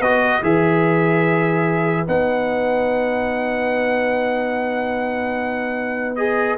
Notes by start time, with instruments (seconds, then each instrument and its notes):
0.00 tuba B3, trombone F#4, horn B4, trumpet D#5
0.42 tuba E3, trombone G#4, trumpet E5
2.06 tuba B3, trombone D#4, trumpet F#5
6.16 trombone G#4, trumpet D#5